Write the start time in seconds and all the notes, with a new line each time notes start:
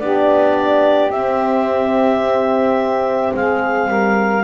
0.00 B3 D4 G4 D5
1.10 C4 E5
3.34 G#3 G#4 F5
3.88 G3 A#4